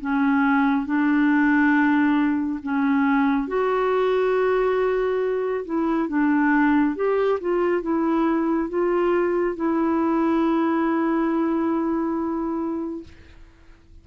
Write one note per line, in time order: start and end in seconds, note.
0.00 0.85 C#4
0.85 2.59 D4
2.62 3.47 C#4
3.47 5.65 F#4
5.65 6.08 E4
6.08 6.95 D4
6.95 7.39 G4
7.40 7.82 F4
7.82 8.69 E4
8.69 9.56 F4
9.56 13.04 E4